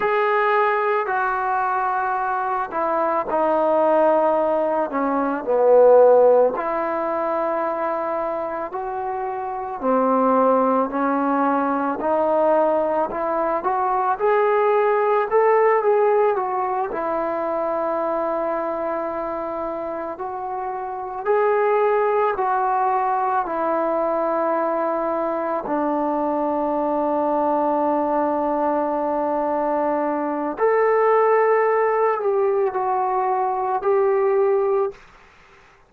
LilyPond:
\new Staff \with { instrumentName = "trombone" } { \time 4/4 \tempo 4 = 55 gis'4 fis'4. e'8 dis'4~ | dis'8 cis'8 b4 e'2 | fis'4 c'4 cis'4 dis'4 | e'8 fis'8 gis'4 a'8 gis'8 fis'8 e'8~ |
e'2~ e'8 fis'4 gis'8~ | gis'8 fis'4 e'2 d'8~ | d'1 | a'4. g'8 fis'4 g'4 | }